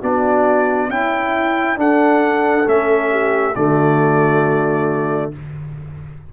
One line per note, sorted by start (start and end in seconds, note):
0.00 0.89 B3
0.00 0.90 D4
0.00 0.88 F#4
0.00 0.90 D5
0.89 1.77 C#4
0.89 1.76 E4
0.89 1.78 E4
0.89 1.78 G5
1.76 2.64 D4
1.76 2.65 D4
1.76 3.11 A4
1.76 2.68 F#5
2.65 3.55 A3
2.65 3.53 C#4
2.65 3.55 E5
3.11 3.55 G4
3.55 5.33 D3
3.55 5.32 A3
3.55 5.32 F#4
3.55 5.31 D5